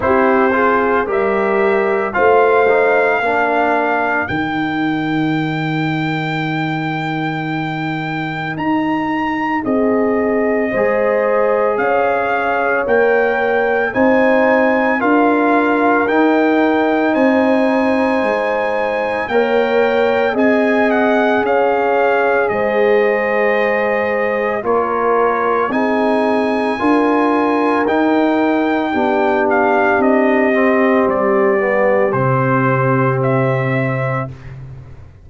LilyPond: <<
  \new Staff \with { instrumentName = "trumpet" } { \time 4/4 \tempo 4 = 56 c''4 e''4 f''2 | g''1 | ais''4 dis''2 f''4 | g''4 gis''4 f''4 g''4 |
gis''2 g''4 gis''8 fis''8 | f''4 dis''2 cis''4 | gis''2 g''4. f''8 | dis''4 d''4 c''4 e''4 | }
  \new Staff \with { instrumentName = "horn" } { \time 4/4 g'8 gis'8 ais'4 c''4 ais'4~ | ais'1~ | ais'4 gis'4 c''4 cis''4~ | cis''4 c''4 ais'2 |
c''2 cis''4 dis''4 | cis''4 c''2 ais'4 | gis'4 ais'2 g'4~ | g'1 | }
  \new Staff \with { instrumentName = "trombone" } { \time 4/4 e'8 f'8 g'4 f'8 dis'8 d'4 | dis'1~ | dis'2 gis'2 | ais'4 dis'4 f'4 dis'4~ |
dis'2 ais'4 gis'4~ | gis'2. f'4 | dis'4 f'4 dis'4 d'4~ | d'8 c'4 b8 c'2 | }
  \new Staff \with { instrumentName = "tuba" } { \time 4/4 c'4 g4 a4 ais4 | dis1 | dis'4 c'4 gis4 cis'4 | ais4 c'4 d'4 dis'4 |
c'4 gis4 ais4 c'4 | cis'4 gis2 ais4 | c'4 d'4 dis'4 b4 | c'4 g4 c2 | }
>>